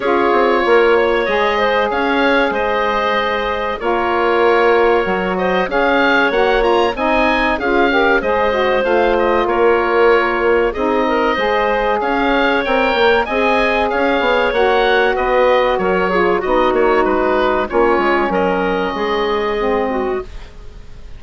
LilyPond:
<<
  \new Staff \with { instrumentName = "oboe" } { \time 4/4 \tempo 4 = 95 cis''2 dis''4 f''4 | dis''2 cis''2~ | cis''8 dis''8 f''4 fis''8 ais''8 gis''4 | f''4 dis''4 f''8 dis''8 cis''4~ |
cis''4 dis''2 f''4 | g''4 gis''4 f''4 fis''4 | dis''4 cis''4 dis''8 cis''8 b'4 | cis''4 dis''2. | }
  \new Staff \with { instrumentName = "clarinet" } { \time 4/4 gis'4 ais'8 cis''4 c''8 cis''4 | c''2 ais'2~ | ais'8 c''8 cis''2 dis''4 | gis'8 ais'8 c''2 ais'4~ |
ais'4 gis'8 ais'8 c''4 cis''4~ | cis''4 dis''4 cis''2 | b'4 ais'8 gis'8 fis'2 | f'4 ais'4 gis'4. fis'8 | }
  \new Staff \with { instrumentName = "saxophone" } { \time 4/4 f'2 gis'2~ | gis'2 f'2 | fis'4 gis'4 fis'8 f'8 dis'4 | f'8 g'8 gis'8 fis'8 f'2~ |
f'4 dis'4 gis'2 | ais'4 gis'2 fis'4~ | fis'4. f'8 dis'2 | cis'2. c'4 | }
  \new Staff \with { instrumentName = "bassoon" } { \time 4/4 cis'8 c'8 ais4 gis4 cis'4 | gis2 ais2 | fis4 cis'4 ais4 c'4 | cis'4 gis4 a4 ais4~ |
ais4 c'4 gis4 cis'4 | c'8 ais8 c'4 cis'8 b8 ais4 | b4 fis4 b8 ais8 gis4 | ais8 gis8 fis4 gis2 | }
>>